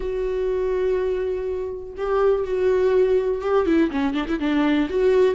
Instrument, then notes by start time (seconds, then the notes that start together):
viola
0.00 F#4
1.97 G4
2.45 F#4
3.41 G4
3.65 E4
3.90 C#4
4.13 D4
4.27 E4
4.39 D4
4.89 F#4